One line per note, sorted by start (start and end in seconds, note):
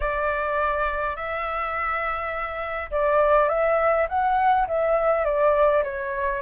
0.00 1.15 D5
1.15 2.90 E5
2.90 3.48 D5
3.48 4.07 E5
4.09 4.67 F#5
4.67 5.24 E5
5.24 5.83 D5
5.83 6.42 C#5